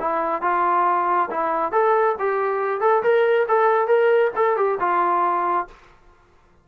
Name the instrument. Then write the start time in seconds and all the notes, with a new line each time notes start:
trombone
0.00 E4
0.42 F4
1.31 E4
1.72 A4
2.19 G4
2.81 A4
3.03 A#4
3.48 A4
3.88 A#4
4.36 A4
4.57 G4
4.80 F4